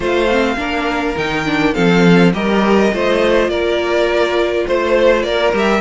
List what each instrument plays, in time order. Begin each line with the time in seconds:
0.00 cello A3, viola F4, violin C5 F5
0.30 viola C4
0.56 cello A#3, viola D4, violin A#4
1.17 cello D#3, viola D#4, violin G5
1.45 viola D4
1.74 cello F3, viola C4, violin A4 F5
2.33 cello G3, viola G4, violin A#4 D#5
2.92 cello A3, viola F4, violin C5
3.48 cello A#3, violin A#4 D5
4.67 cello A3, violin C5
5.22 cello A#3, violin A#4 D5
5.53 cello G3, viola G4, violin E5